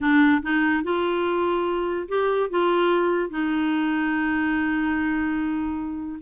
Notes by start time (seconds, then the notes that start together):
0.00 D4
0.42 D#4
0.83 F4
2.08 G4
2.49 F4
3.30 D#4